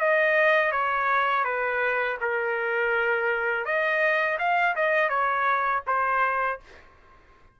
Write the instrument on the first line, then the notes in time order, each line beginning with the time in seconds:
trumpet
0.00 D#5
0.72 C#5
1.44 B4
2.21 A#4
3.65 D#5
4.39 F5
4.76 D#5
5.10 C#5
5.87 C5